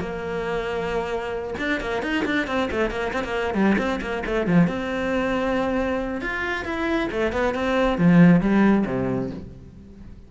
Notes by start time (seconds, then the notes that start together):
0.00 A#3
1.59 D4
1.80 A#3
2.03 D#4
2.26 D4
2.47 C4
2.71 A3
2.91 A#3
3.13 C4
3.24 A#3
3.55 G3
3.78 C4
4.01 A#3
4.26 A3
4.47 F3
4.67 C4
6.21 F4
6.65 E4
7.12 A3
7.33 B3
7.55 C4
7.98 F3
8.41 G3
8.86 C3